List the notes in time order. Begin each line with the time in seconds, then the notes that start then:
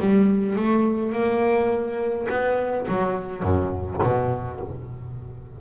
0.00 G3
0.56 A3
1.12 A#3
2.29 B3
2.88 F#3
3.43 F#2
4.03 B2